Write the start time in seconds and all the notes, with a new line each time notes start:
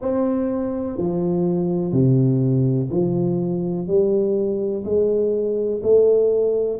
0.00 C4
0.97 F3
1.92 C3
2.90 F3
3.87 G3
4.84 G#3
5.82 A3